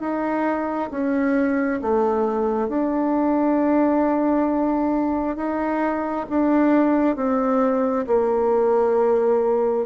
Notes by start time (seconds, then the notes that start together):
0.00 D#4
0.91 C#4
1.82 A3
2.69 D4
5.36 D#4
6.30 D4
7.16 C4
8.07 A#3